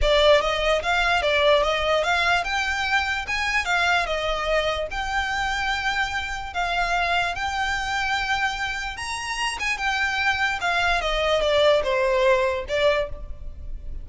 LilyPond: \new Staff \with { instrumentName = "violin" } { \time 4/4 \tempo 4 = 147 d''4 dis''4 f''4 d''4 | dis''4 f''4 g''2 | gis''4 f''4 dis''2 | g''1 |
f''2 g''2~ | g''2 ais''4. gis''8 | g''2 f''4 dis''4 | d''4 c''2 d''4 | }